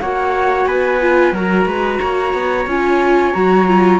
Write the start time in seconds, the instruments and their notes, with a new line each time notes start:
0.00 cello A#3, viola F#4, trumpet C#5, flute F#5
0.65 cello B3, trumpet B4, flute G#5
1.00 viola F4
1.32 cello F#3, viola F#4, trumpet A#4, flute A#5
1.65 cello G#3, trumpet B4
1.99 cello A#3, trumpet C#5
2.33 cello B3
2.66 cello C#4, viola F4, flute G#5
3.33 cello F#3, viola F#4, flute A#5
3.67 viola F4